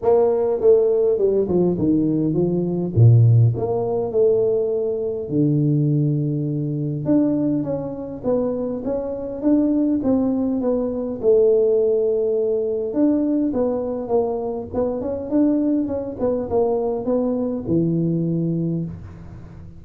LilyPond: \new Staff \with { instrumentName = "tuba" } { \time 4/4 \tempo 4 = 102 ais4 a4 g8 f8 dis4 | f4 ais,4 ais4 a4~ | a4 d2. | d'4 cis'4 b4 cis'4 |
d'4 c'4 b4 a4~ | a2 d'4 b4 | ais4 b8 cis'8 d'4 cis'8 b8 | ais4 b4 e2 | }